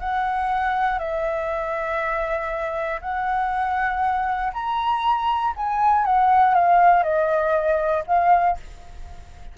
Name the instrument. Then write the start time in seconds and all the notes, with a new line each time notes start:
flute
0.00 F#5
0.99 E5
3.01 F#5
4.53 A#5
5.56 G#5
6.05 F#5
6.54 F5
7.03 D#5
8.07 F5